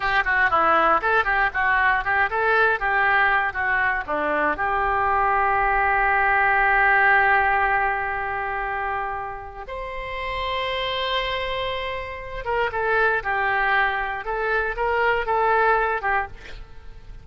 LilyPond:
\new Staff \with { instrumentName = "oboe" } { \time 4/4 \tempo 4 = 118 g'8 fis'8 e'4 a'8 g'8 fis'4 | g'8 a'4 g'4. fis'4 | d'4 g'2.~ | g'1~ |
g'2. c''4~ | c''1~ | c''8 ais'8 a'4 g'2 | a'4 ais'4 a'4. g'8 | }